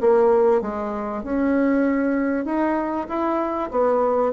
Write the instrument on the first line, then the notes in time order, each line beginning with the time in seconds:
bassoon
0.00 A#3
0.61 G#3
1.23 C#4
2.45 D#4
3.08 E4
3.71 B3